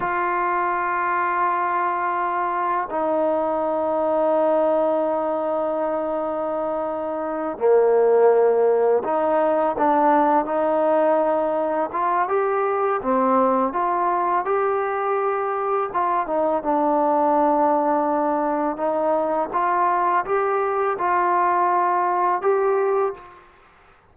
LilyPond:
\new Staff \with { instrumentName = "trombone" } { \time 4/4 \tempo 4 = 83 f'1 | dis'1~ | dis'2~ dis'8 ais4.~ | ais8 dis'4 d'4 dis'4.~ |
dis'8 f'8 g'4 c'4 f'4 | g'2 f'8 dis'8 d'4~ | d'2 dis'4 f'4 | g'4 f'2 g'4 | }